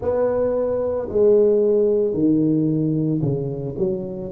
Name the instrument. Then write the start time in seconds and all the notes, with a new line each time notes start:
tuba
0.01 B3
1.09 G#3
2.13 D#3
3.21 C#3
3.77 F#3